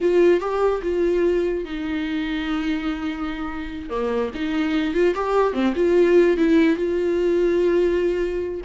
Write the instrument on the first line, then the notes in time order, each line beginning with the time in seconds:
viola
0.01 F4
0.40 G4
0.82 F4
1.64 D#4
3.89 A#3
4.34 D#4
4.94 F4
5.15 G4
5.53 C4
5.75 F4
6.37 E4
6.76 F4